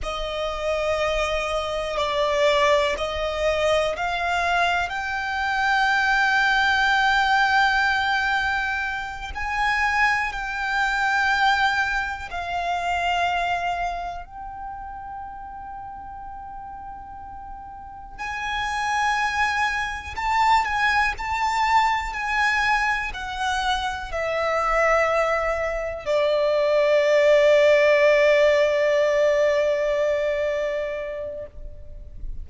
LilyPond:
\new Staff \with { instrumentName = "violin" } { \time 4/4 \tempo 4 = 61 dis''2 d''4 dis''4 | f''4 g''2.~ | g''4. gis''4 g''4.~ | g''8 f''2 g''4.~ |
g''2~ g''8 gis''4.~ | gis''8 a''8 gis''8 a''4 gis''4 fis''8~ | fis''8 e''2 d''4.~ | d''1 | }